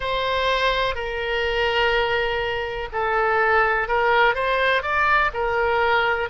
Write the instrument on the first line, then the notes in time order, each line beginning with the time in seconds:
oboe
0.00 C5
0.95 A#4
2.92 A4
3.88 A#4
4.34 C5
4.82 D5
5.33 A#4